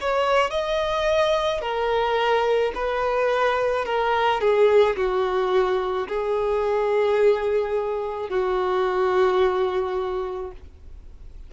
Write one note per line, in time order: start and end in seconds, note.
0.00 0.50 C#5
0.50 1.61 D#5
1.61 2.72 A#4
2.74 3.85 B4
3.85 4.40 A#4
4.40 4.96 G#4
4.96 6.07 F#4
6.08 8.29 G#4
8.29 10.52 F#4